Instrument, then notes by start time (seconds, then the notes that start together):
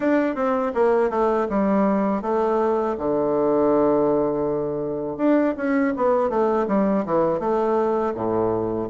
bassoon
0.00 D4
0.35 C4
0.74 A#3
1.09 A3
1.48 G3
2.22 A3
2.98 D3
5.17 D4
5.56 C#4
5.96 B3
6.29 A3
6.67 G3
7.05 E3
7.39 A3
8.14 A2